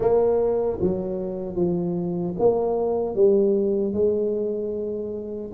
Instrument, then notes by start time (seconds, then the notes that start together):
tuba
0.00 A#3
0.81 F#3
1.55 F3
2.39 A#3
3.15 G3
3.93 G#3